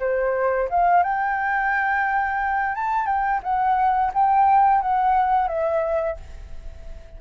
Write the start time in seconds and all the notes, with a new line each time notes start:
0.00 C5
0.70 F5
1.03 G5
2.75 A5
3.07 G5
3.43 F#5
4.14 G5
4.82 F#5
5.48 E5